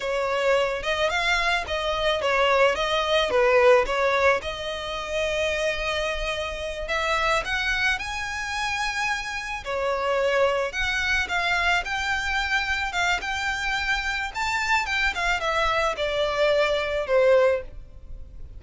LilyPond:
\new Staff \with { instrumentName = "violin" } { \time 4/4 \tempo 4 = 109 cis''4. dis''8 f''4 dis''4 | cis''4 dis''4 b'4 cis''4 | dis''1~ | dis''8 e''4 fis''4 gis''4.~ |
gis''4. cis''2 fis''8~ | fis''8 f''4 g''2 f''8 | g''2 a''4 g''8 f''8 | e''4 d''2 c''4 | }